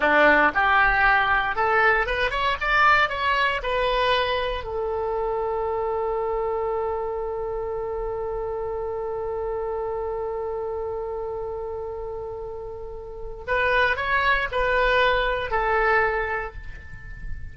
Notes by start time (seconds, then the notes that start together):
0.00 D4
0.54 G4
1.55 A4
2.06 B4
2.30 C#5
2.60 D5
3.09 C#5
3.62 B4
4.64 A4
13.47 B4
13.96 C#5
14.51 B4
15.50 A4